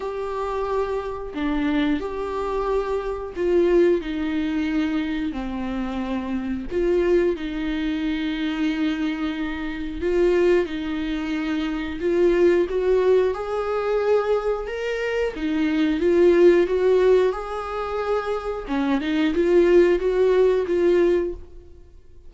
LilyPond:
\new Staff \with { instrumentName = "viola" } { \time 4/4 \tempo 4 = 90 g'2 d'4 g'4~ | g'4 f'4 dis'2 | c'2 f'4 dis'4~ | dis'2. f'4 |
dis'2 f'4 fis'4 | gis'2 ais'4 dis'4 | f'4 fis'4 gis'2 | cis'8 dis'8 f'4 fis'4 f'4 | }